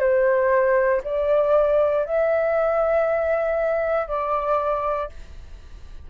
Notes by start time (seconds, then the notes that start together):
0.00 C5
1.04 D5
2.06 E5
4.08 D5